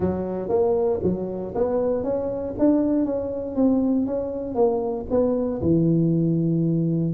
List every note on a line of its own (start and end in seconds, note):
0.00 0.48 F#3
0.48 0.99 A#3
1.03 1.54 F#3
1.55 2.03 B3
2.03 2.54 C#4
2.58 3.05 D4
3.05 3.55 C#4
3.55 4.06 C4
4.06 4.55 C#4
4.55 5.05 A#3
5.10 5.61 B3
5.61 7.13 E3